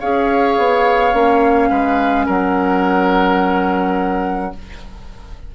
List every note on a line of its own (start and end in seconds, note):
0.00 0.58 C#4
0.00 1.13 G#4
0.00 1.70 C#5
0.00 2.27 F5
0.58 1.13 B3
1.13 1.70 A#3
1.13 4.53 C#4
1.70 2.27 G#3
1.70 2.26 B4
2.26 4.54 F#3
2.26 4.52 A#4
2.26 4.55 F#5